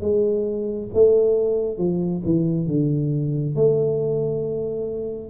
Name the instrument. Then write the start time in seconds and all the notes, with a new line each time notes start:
tuba
0.00 G#3
0.93 A3
1.77 F3
2.25 E3
2.67 D3
3.55 A3